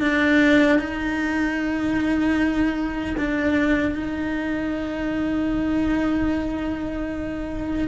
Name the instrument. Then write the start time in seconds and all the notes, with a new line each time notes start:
cello
0.00 D4
0.79 D#4
3.17 D4
3.95 D#4